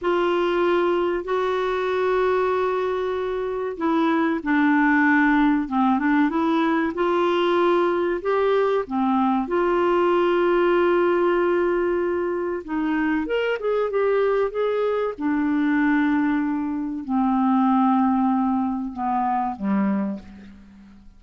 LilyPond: \new Staff \with { instrumentName = "clarinet" } { \time 4/4 \tempo 4 = 95 f'2 fis'2~ | fis'2 e'4 d'4~ | d'4 c'8 d'8 e'4 f'4~ | f'4 g'4 c'4 f'4~ |
f'1 | dis'4 ais'8 gis'8 g'4 gis'4 | d'2. c'4~ | c'2 b4 g4 | }